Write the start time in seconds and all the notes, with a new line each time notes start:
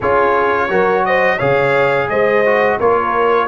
0.00 C#4 F4 G#4 C#5
0.69 F#3 F#4 A#4
1.05 C5 D#5
1.36 C#3 G#4 C#5 F5
2.08 G#3 C5 D#5
2.45 F#4
2.79 A#3 F4 A#4 C#5